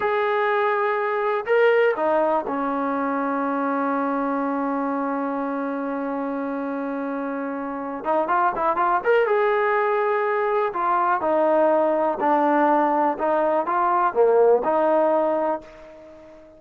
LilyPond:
\new Staff \with { instrumentName = "trombone" } { \time 4/4 \tempo 4 = 123 gis'2. ais'4 | dis'4 cis'2.~ | cis'1~ | cis'1~ |
cis'8 dis'8 f'8 e'8 f'8 ais'8 gis'4~ | gis'2 f'4 dis'4~ | dis'4 d'2 dis'4 | f'4 ais4 dis'2 | }